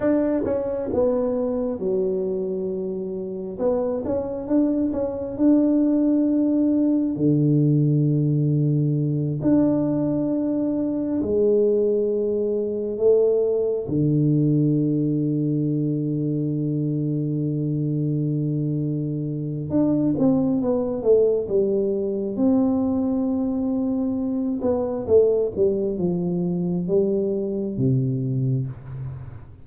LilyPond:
\new Staff \with { instrumentName = "tuba" } { \time 4/4 \tempo 4 = 67 d'8 cis'8 b4 fis2 | b8 cis'8 d'8 cis'8 d'2 | d2~ d8 d'4.~ | d'8 gis2 a4 d8~ |
d1~ | d2 d'8 c'8 b8 a8 | g4 c'2~ c'8 b8 | a8 g8 f4 g4 c4 | }